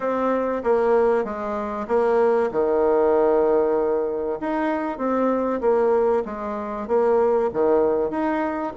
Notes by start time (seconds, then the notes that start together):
0.00 C4
0.63 A#3
1.24 G#3
1.87 A#3
2.51 D#3
4.40 D#4
4.98 C4
5.60 A#3
6.25 G#3
6.87 A#3
7.53 D#3
8.10 D#4